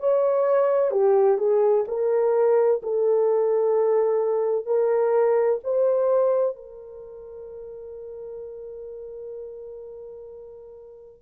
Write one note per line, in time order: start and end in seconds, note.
0.00 0.91 C#5
0.91 1.38 G4
1.38 1.85 G#4
1.88 2.82 A#4
2.83 4.66 A4
4.66 5.60 A#4
5.64 6.56 C5
6.56 11.22 A#4